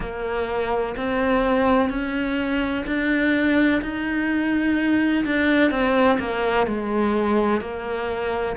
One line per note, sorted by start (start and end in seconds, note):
0.00 0.95 A#3
0.96 1.89 C4
1.89 2.84 C#4
2.86 3.81 D4
3.81 5.24 D#4
5.25 5.71 D4
5.71 6.18 C4
6.19 6.66 A#3
6.66 7.61 G#3
7.61 8.56 A#3